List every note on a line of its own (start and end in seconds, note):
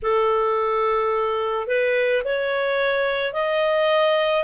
0.02 1.67 A4
1.67 2.22 B4
2.24 3.33 C#5
3.33 4.43 D#5